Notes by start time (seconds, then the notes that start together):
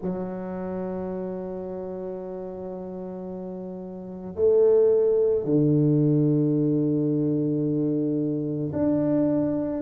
0.01 F#3
4.35 A3
5.44 D3
8.73 D4